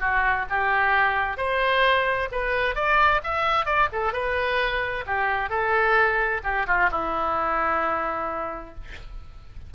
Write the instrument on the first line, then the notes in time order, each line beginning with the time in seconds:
oboe
0.00 F#4
0.50 G4
1.38 C5
2.32 B4
2.75 D5
3.24 E5
3.66 D5
3.93 A4
4.13 B4
5.07 G4
5.50 A4
6.44 G4
6.67 F4
6.92 E4